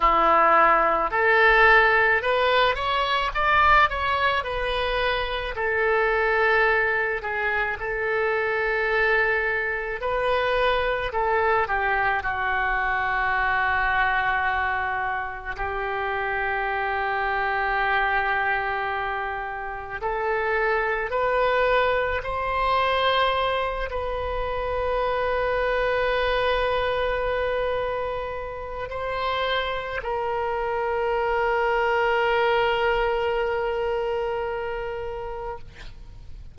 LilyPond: \new Staff \with { instrumentName = "oboe" } { \time 4/4 \tempo 4 = 54 e'4 a'4 b'8 cis''8 d''8 cis''8 | b'4 a'4. gis'8 a'4~ | a'4 b'4 a'8 g'8 fis'4~ | fis'2 g'2~ |
g'2 a'4 b'4 | c''4. b'2~ b'8~ | b'2 c''4 ais'4~ | ais'1 | }